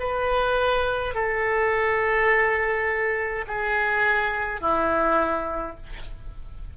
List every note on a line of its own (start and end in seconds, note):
0.00 1.15 B4
1.15 3.46 A4
3.48 4.61 G#4
4.61 5.76 E4